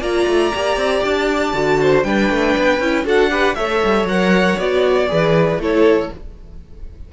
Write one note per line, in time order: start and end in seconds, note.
0.00 0.26 A#3
0.00 0.53 F4
0.00 1.78 D5
0.00 1.04 A#5
0.27 0.53 A3
0.55 0.77 A#3
0.55 1.55 G4
0.77 1.02 C4
1.04 1.54 D4
1.04 2.03 A5
1.54 2.04 D3
1.54 2.05 F#4
1.81 2.06 C5
2.03 2.30 G3
2.03 2.81 D4
2.03 3.05 B4
2.03 3.05 G5
2.30 2.55 A3
2.57 2.79 B3
2.79 3.05 C#4
2.79 3.04 E4
3.04 3.56 D4
3.04 3.30 F#4
3.04 3.31 A4
3.04 3.55 F#5
3.30 3.55 G4
3.30 3.56 B4
3.55 3.84 A3
3.55 4.08 A4
3.55 5.10 C#5
3.55 4.06 E5
3.84 4.04 G3
4.04 4.55 F#3
4.04 4.58 A#4
4.04 4.59 F#5
4.58 5.10 B3
4.58 5.08 F#4
4.58 5.61 D5
5.08 5.58 E3
5.08 5.59 G#4
5.08 5.62 B4
5.58 6.09 A3
5.58 6.12 E4
5.58 6.12 A4
5.58 6.13 C#5